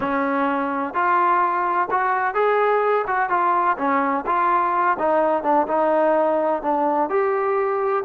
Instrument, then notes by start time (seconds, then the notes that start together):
trombone
0.00 C#4
0.94 F4
1.90 F#4
2.34 G#4
3.07 F#4
3.29 F4
3.77 C#4
4.26 F4
4.98 D#4
5.43 D4
5.67 D#4
6.62 D4
7.09 G4